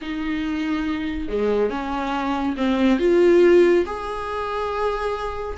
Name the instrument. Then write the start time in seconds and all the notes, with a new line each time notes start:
viola
0.01 D#4
1.28 G#3
1.69 C#4
2.56 C4
2.99 F4
3.86 G#4